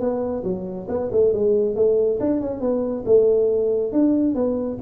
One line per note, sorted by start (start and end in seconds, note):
0.00 0.43 B3
0.44 0.87 F#3
0.89 1.10 B3
1.12 1.33 A3
1.33 1.76 G#3
1.76 2.19 A3
2.20 2.41 D4
2.41 2.61 C#4
2.61 3.04 B3
3.06 3.92 A3
3.92 4.35 D4
4.35 4.78 B3